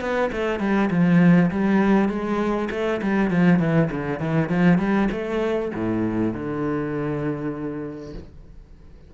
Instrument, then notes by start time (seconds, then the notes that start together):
cello
0.00 B3
0.32 A3
0.59 G3
0.90 F3
1.50 G3
2.08 G#3
2.71 A3
3.02 G3
3.30 F3
3.59 E3
3.91 D3
4.19 E3
4.49 F3
4.78 G3
5.11 A3
5.74 A2
6.33 D3